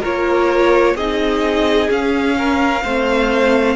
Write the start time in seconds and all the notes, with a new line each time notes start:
0.00 A#3 F4 A#4 C#5
0.95 C4 D#4 G#4 D#5
1.88 C#4 F5
2.38 A#4
2.83 A3 C4 C5